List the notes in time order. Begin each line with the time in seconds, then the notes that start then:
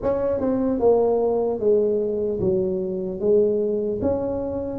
0.02 C#4
0.40 C4
0.79 A#3
1.59 G#3
2.40 F#3
3.20 G#3
4.01 C#4